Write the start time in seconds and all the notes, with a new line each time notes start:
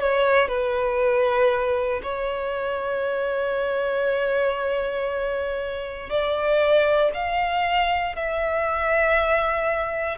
0.00 C#5
0.48 B4
2.03 C#5
6.10 D5
7.14 F5
8.15 E5